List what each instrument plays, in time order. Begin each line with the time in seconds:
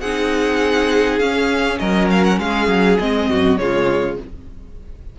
0.00 cello C4, viola D#4, violin G#4 F#5
1.19 cello C#4, viola C#4, violin F5
1.79 cello F#3, violin A#4 D#5
2.10 violin F5
2.24 violin F#5
2.39 cello G#3, violin G#4 F5
2.68 cello F#3
2.99 cello G#3, viola C4, violin D#5
3.30 cello F#2, violin F#4
3.57 cello C#3, viola G#3, violin F4 C#5